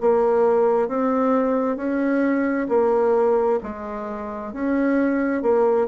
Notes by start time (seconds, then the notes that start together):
0.00 A#3
0.88 C4
1.76 C#4
2.68 A#3
3.63 G#3
4.52 C#4
5.42 A#3